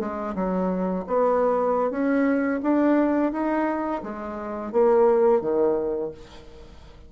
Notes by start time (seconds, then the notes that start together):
0.00 G#3
0.36 F#3
1.08 B3
1.91 C#4
2.63 D4
3.33 D#4
4.03 G#3
4.73 A#3
5.42 D#3